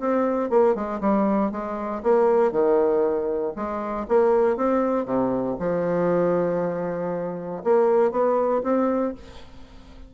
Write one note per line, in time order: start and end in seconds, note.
0.00 0.50 C4
0.50 0.75 A#3
0.75 1.01 G#3
1.01 1.52 G3
1.52 2.03 G#3
2.03 2.52 A#3
2.52 3.54 D#3
3.56 4.07 G#3
4.09 4.57 A#3
4.57 5.06 C4
5.06 5.57 C3
5.60 7.63 F3
7.64 8.12 A#3
8.12 8.63 B3
8.64 9.15 C4